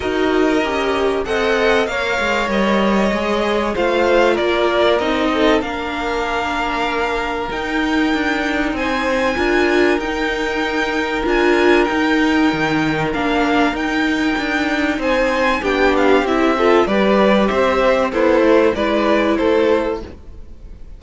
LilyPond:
<<
  \new Staff \with { instrumentName = "violin" } { \time 4/4 \tempo 4 = 96 dis''2 fis''4 f''4 | dis''2 f''4 d''4 | dis''4 f''2. | g''2 gis''2 |
g''2 gis''4 g''4~ | g''4 f''4 g''2 | gis''4 g''8 f''8 e''4 d''4 | e''4 c''4 d''4 c''4 | }
  \new Staff \with { instrumentName = "violin" } { \time 4/4 ais'2 dis''4 cis''4~ | cis''2 c''4 ais'4~ | ais'8 a'8 ais'2.~ | ais'2 c''4 ais'4~ |
ais'1~ | ais'1 | c''4 g'4. a'8 b'4 | c''4 e'4 b'4 a'4 | }
  \new Staff \with { instrumentName = "viola" } { \time 4/4 fis'4 g'4 a'4 ais'4~ | ais'4 gis'4 f'2 | dis'4 d'2. | dis'2. f'4 |
dis'2 f'4 dis'4~ | dis'4 d'4 dis'2~ | dis'4 d'4 e'8 f'8 g'4~ | g'4 a'4 e'2 | }
  \new Staff \with { instrumentName = "cello" } { \time 4/4 dis'4 cis'4 c'4 ais8 gis8 | g4 gis4 a4 ais4 | c'4 ais2. | dis'4 d'4 c'4 d'4 |
dis'2 d'4 dis'4 | dis4 ais4 dis'4 d'4 | c'4 b4 c'4 g4 | c'4 b8 a8 gis4 a4 | }
>>